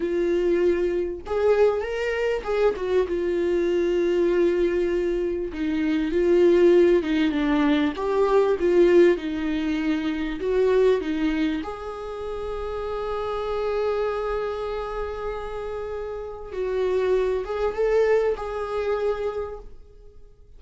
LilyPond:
\new Staff \with { instrumentName = "viola" } { \time 4/4 \tempo 4 = 98 f'2 gis'4 ais'4 | gis'8 fis'8 f'2.~ | f'4 dis'4 f'4. dis'8 | d'4 g'4 f'4 dis'4~ |
dis'4 fis'4 dis'4 gis'4~ | gis'1~ | gis'2. fis'4~ | fis'8 gis'8 a'4 gis'2 | }